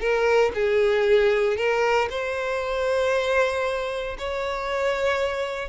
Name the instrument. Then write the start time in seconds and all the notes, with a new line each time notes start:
violin
0.00 A#4
0.54 G#4
1.57 A#4
2.10 C5
4.18 C#5